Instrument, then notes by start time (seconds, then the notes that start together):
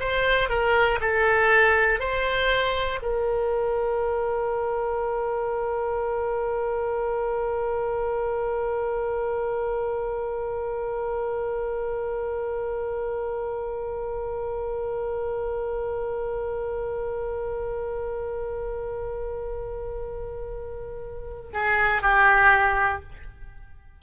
oboe
0.00 C5
0.49 A#4
1.00 A4
1.99 C5
3.02 A#4
21.53 G#4
22.01 G4